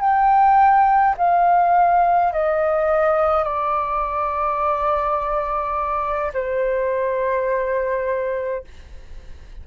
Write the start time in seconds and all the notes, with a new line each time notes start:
0.00 G5
1.17 F5
2.32 D#5
3.44 D5
6.33 C5